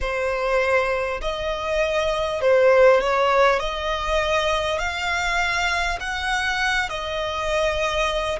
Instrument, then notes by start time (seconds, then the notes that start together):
violin
0.01 C5
1.21 D#5
2.41 C5
3.01 C#5
3.59 D#5
4.78 F5
5.99 F#5
6.89 D#5